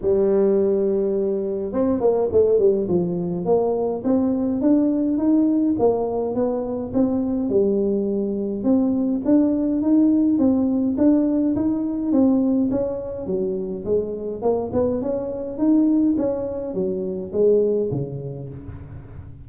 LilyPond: \new Staff \with { instrumentName = "tuba" } { \time 4/4 \tempo 4 = 104 g2. c'8 ais8 | a8 g8 f4 ais4 c'4 | d'4 dis'4 ais4 b4 | c'4 g2 c'4 |
d'4 dis'4 c'4 d'4 | dis'4 c'4 cis'4 fis4 | gis4 ais8 b8 cis'4 dis'4 | cis'4 fis4 gis4 cis4 | }